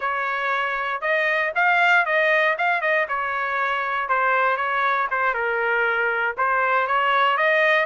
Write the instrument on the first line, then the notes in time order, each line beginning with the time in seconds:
trumpet
0.00 C#5
1.01 D#5
1.55 F5
2.05 D#5
2.58 F5
2.81 D#5
3.08 C#5
4.09 C5
4.56 C#5
5.10 C5
5.33 A#4
6.37 C5
6.87 C#5
7.37 D#5